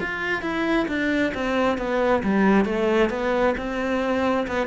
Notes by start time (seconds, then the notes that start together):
0.00 F4
0.42 E4
0.88 D4
1.34 C4
1.77 B3
2.23 G3
2.65 A3
3.10 B3
3.57 C4
4.47 B3